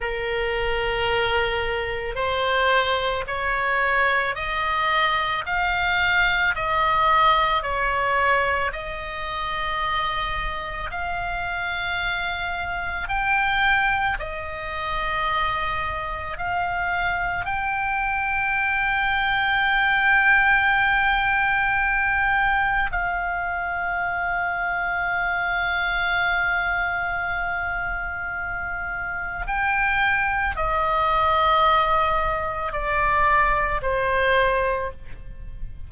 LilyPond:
\new Staff \with { instrumentName = "oboe" } { \time 4/4 \tempo 4 = 55 ais'2 c''4 cis''4 | dis''4 f''4 dis''4 cis''4 | dis''2 f''2 | g''4 dis''2 f''4 |
g''1~ | g''4 f''2.~ | f''2. g''4 | dis''2 d''4 c''4 | }